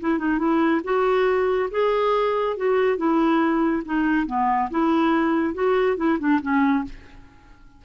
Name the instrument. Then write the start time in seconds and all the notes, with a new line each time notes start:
clarinet
0.00 E4
0.18 D#4
0.38 E4
0.84 F#4
1.71 G#4
2.56 F#4
2.97 E4
3.85 D#4
4.26 B3
4.70 E4
5.54 F#4
5.97 E4
6.19 D4
6.41 C#4